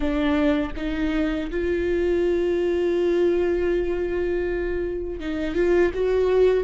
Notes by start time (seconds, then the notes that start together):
0.00 D4
0.76 D#4
1.50 F4
5.20 D#4
5.54 F4
5.94 F#4